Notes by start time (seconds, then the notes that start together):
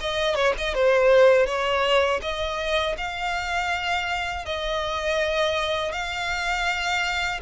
0.00 D#5
0.35 C#5
0.58 D#5
0.74 C5
1.46 C#5
2.22 D#5
2.97 F5
4.45 D#5
5.92 F5